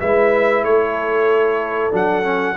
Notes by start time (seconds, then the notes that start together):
0.00 G#3 E4 B4 E5
0.62 A3 A4 C#5
1.91 F#3 D4 F#5
2.23 C#4